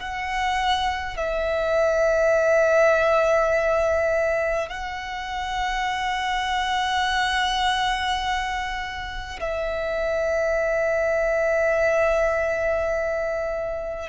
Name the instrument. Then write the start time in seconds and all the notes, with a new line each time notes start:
violin
0.00 F#5
1.17 E5
4.69 F#5
9.40 E5